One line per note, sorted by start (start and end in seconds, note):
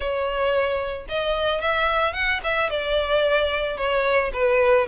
0.00 1.06 C#5
1.08 1.61 D#5
1.61 2.13 E5
2.13 2.40 F#5
2.43 2.70 E5
2.70 3.77 D5
3.77 4.31 C#5
4.33 4.87 B4